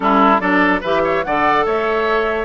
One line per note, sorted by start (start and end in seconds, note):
0.00 0.40 G3
0.00 0.39 C#4
0.00 0.40 E4
0.00 0.39 A4
0.39 0.81 F#3
0.39 0.81 D4
0.39 0.80 A4
0.39 0.81 D5
0.80 1.25 E3
0.80 1.25 G4
0.80 1.01 B4
0.80 1.23 E5
1.04 1.24 C#5
1.23 1.66 D3
1.23 2.45 A4
1.23 1.65 D5
1.23 1.64 F#5
1.65 2.45 A3
1.65 2.45 C#5
1.65 2.45 E5